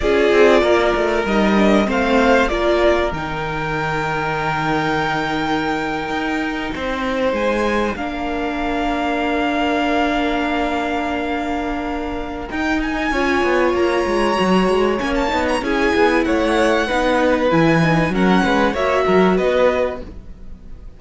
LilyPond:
<<
  \new Staff \with { instrumentName = "violin" } { \time 4/4 \tempo 4 = 96 d''2 dis''4 f''4 | d''4 g''2.~ | g''2.~ g''8. gis''16~ | gis''8. f''2.~ f''16~ |
f''1 | g''8 gis''4. ais''2 | gis''16 a''8 ais''16 gis''4 fis''2 | gis''4 fis''4 e''4 dis''4 | }
  \new Staff \with { instrumentName = "violin" } { \time 4/4 gis'4 ais'2 c''4 | ais'1~ | ais'2~ ais'8. c''4~ c''16~ | c''8. ais'2.~ ais'16~ |
ais'1~ | ais'4 cis''2.~ | cis''4 gis'4 cis''4 b'4~ | b'4 ais'8 b'8 cis''8 ais'8 b'4 | }
  \new Staff \with { instrumentName = "viola" } { \time 4/4 f'2 dis'8 d'8 c'4 | f'4 dis'2.~ | dis'1~ | dis'8. d'2.~ d'16~ |
d'1 | dis'4 f'2 fis'4 | cis'8 dis'8 e'2 dis'4 | e'8 dis'8 cis'4 fis'2 | }
  \new Staff \with { instrumentName = "cello" } { \time 4/4 cis'8 c'8 ais8 a8 g4 a4 | ais4 dis2.~ | dis4.~ dis16 dis'4 c'4 gis16~ | gis8. ais2.~ ais16~ |
ais1 | dis'4 cis'8 b8 ais8 gis8 fis8 gis8 | ais8 b8 cis'8 b8 a4 b4 | e4 fis8 gis8 ais8 fis8 b4 | }
>>